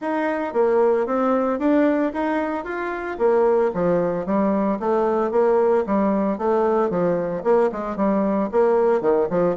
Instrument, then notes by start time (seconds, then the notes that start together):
bassoon
0.01 D#4
0.53 A#3
1.06 C4
1.59 D4
2.13 D#4
2.64 F4
3.18 A#3
3.74 F3
4.26 G3
4.79 A3
5.31 A#3
5.86 G3
6.38 A3
6.90 F3
7.43 A#3
7.71 G#3
7.96 G3
8.51 A#3
9.01 D#3
9.30 F3